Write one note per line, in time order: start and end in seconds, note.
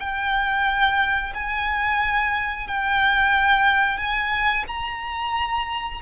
0.00 1.33 G5
1.34 2.68 G#5
2.68 3.98 G5
3.98 4.65 G#5
4.68 6.01 A#5